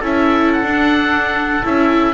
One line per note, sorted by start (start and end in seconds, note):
0.00 0.62 C#4
0.00 0.66 E4
0.00 2.14 A4
0.00 0.52 E5
0.52 1.65 F#5
0.62 1.63 D4
0.62 1.62 D4
1.62 2.14 C#4
1.62 2.13 E4
1.62 2.14 E5